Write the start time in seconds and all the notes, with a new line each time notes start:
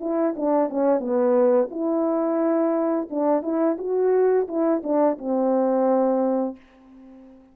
0.00 E4
0.36 D4
0.69 C#4
1.00 B3
1.71 E4
3.10 D4
3.42 E4
3.78 F#4
4.48 E4
4.83 D4
5.18 C4